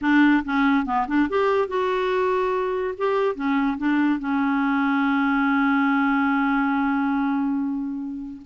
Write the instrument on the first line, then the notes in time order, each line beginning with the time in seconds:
clarinet
0.01 D4
0.44 C#4
0.85 B3
1.07 D4
1.29 G4
1.67 F#4
2.97 G4
3.35 C#4
3.77 D4
4.19 C#4